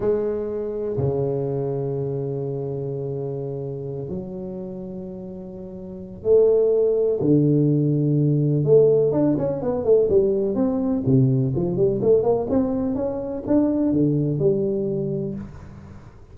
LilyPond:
\new Staff \with { instrumentName = "tuba" } { \time 4/4 \tempo 4 = 125 gis2 cis2~ | cis1~ | cis8 fis2.~ fis8~ | fis4 a2 d4~ |
d2 a4 d'8 cis'8 | b8 a8 g4 c'4 c4 | f8 g8 a8 ais8 c'4 cis'4 | d'4 d4 g2 | }